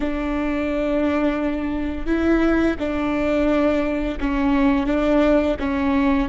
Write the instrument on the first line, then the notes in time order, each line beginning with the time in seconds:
viola
0.00 D4
2.06 E4
2.79 D4
4.20 C#4
4.86 D4
5.59 C#4